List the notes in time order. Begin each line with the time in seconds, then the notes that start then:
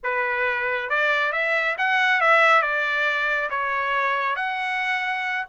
0.03 B4
0.89 D5
1.32 E5
1.78 F#5
2.20 E5
2.62 D5
3.49 C#5
4.36 F#5